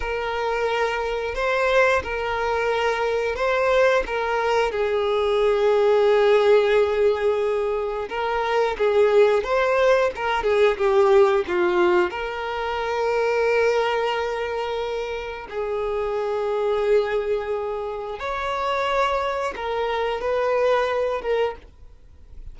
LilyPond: \new Staff \with { instrumentName = "violin" } { \time 4/4 \tempo 4 = 89 ais'2 c''4 ais'4~ | ais'4 c''4 ais'4 gis'4~ | gis'1 | ais'4 gis'4 c''4 ais'8 gis'8 |
g'4 f'4 ais'2~ | ais'2. gis'4~ | gis'2. cis''4~ | cis''4 ais'4 b'4. ais'8 | }